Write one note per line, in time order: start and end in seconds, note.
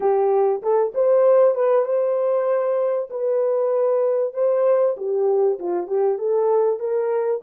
0.00 0.62 G4
0.62 0.93 A4
0.94 1.55 C5
1.55 1.85 B4
1.85 3.08 C5
3.09 4.33 B4
4.33 4.95 C5
4.97 5.58 G4
5.59 5.87 F4
5.87 6.18 G4
6.18 6.79 A4
6.79 7.41 A#4